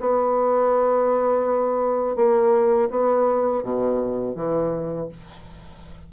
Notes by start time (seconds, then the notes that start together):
0.00 B3
2.16 A#3
2.90 B3
3.63 B2
4.35 E3